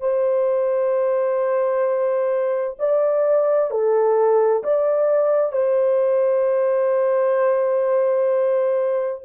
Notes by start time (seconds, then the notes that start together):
0.00 C5
2.79 D5
3.70 A4
4.63 D5
5.52 C5